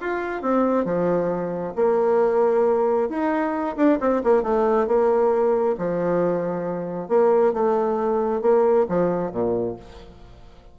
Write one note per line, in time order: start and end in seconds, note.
0.00 0.42 F4
0.42 0.85 C4
0.85 1.74 F3
1.76 3.09 A#3
3.09 3.76 D#4
3.76 3.99 D4
4.00 4.22 C4
4.24 4.43 A#3
4.43 4.87 A3
4.87 5.76 A#3
5.78 7.08 F3
7.08 7.53 A#3
7.53 8.41 A3
8.41 8.86 A#3
8.89 9.32 F3
9.32 9.76 A#2